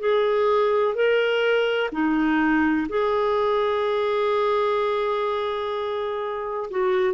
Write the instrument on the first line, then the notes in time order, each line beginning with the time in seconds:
clarinet
0.00 G#4
0.95 A#4
1.92 D#4
2.89 G#4
6.71 F#4